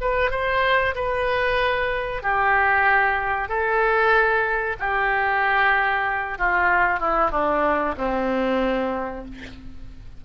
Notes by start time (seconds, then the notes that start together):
0.00 B4
0.30 C5
0.95 B4
2.22 G4
3.48 A4
4.79 G4
6.38 F4
7.00 E4
7.31 D4
7.97 C4